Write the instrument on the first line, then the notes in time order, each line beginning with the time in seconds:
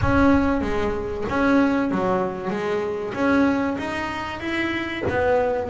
double bass
0.01 C#4
0.61 G#3
1.29 C#4
1.91 F#3
2.50 G#3
3.13 C#4
3.78 D#4
4.40 E4
5.08 B3